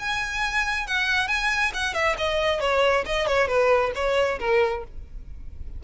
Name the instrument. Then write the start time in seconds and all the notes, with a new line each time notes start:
violin
0.00 G#5
0.88 F#5
1.28 G#5
1.74 F#5
1.94 E5
2.18 D#5
2.61 C#5
3.06 D#5
3.28 C#5
3.48 B4
3.95 C#5
4.40 A#4